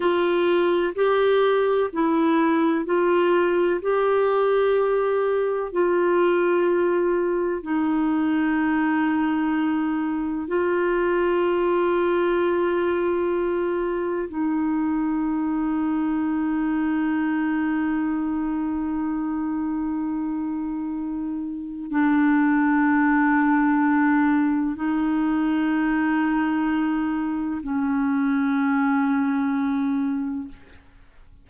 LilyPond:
\new Staff \with { instrumentName = "clarinet" } { \time 4/4 \tempo 4 = 63 f'4 g'4 e'4 f'4 | g'2 f'2 | dis'2. f'4~ | f'2. dis'4~ |
dis'1~ | dis'2. d'4~ | d'2 dis'2~ | dis'4 cis'2. | }